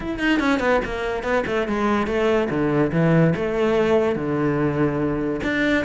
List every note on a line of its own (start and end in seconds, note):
0.00 0.19 E4
0.19 0.39 D#4
0.39 0.59 C#4
0.59 0.80 B3
0.84 1.23 A#3
1.23 1.44 B3
1.46 1.67 A3
1.67 2.06 G#3
2.06 2.48 A3
2.50 2.91 D3
2.92 3.34 E3
3.35 4.15 A3
4.15 5.40 D3
5.43 5.84 D4